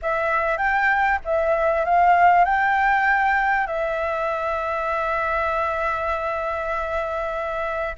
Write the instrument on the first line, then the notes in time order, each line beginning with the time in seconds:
flute
0.02 E5
0.57 G5
1.24 E5
1.85 F5
2.44 G5
3.67 E5